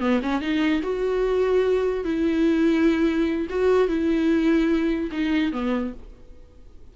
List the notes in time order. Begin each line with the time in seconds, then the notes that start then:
0.00 B3
0.22 C#4
0.41 D#4
0.82 F#4
2.04 E4
3.50 F#4
3.88 E4
5.12 D#4
5.53 B3